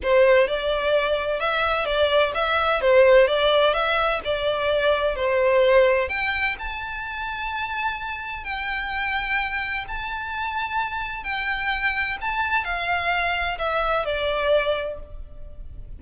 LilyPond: \new Staff \with { instrumentName = "violin" } { \time 4/4 \tempo 4 = 128 c''4 d''2 e''4 | d''4 e''4 c''4 d''4 | e''4 d''2 c''4~ | c''4 g''4 a''2~ |
a''2 g''2~ | g''4 a''2. | g''2 a''4 f''4~ | f''4 e''4 d''2 | }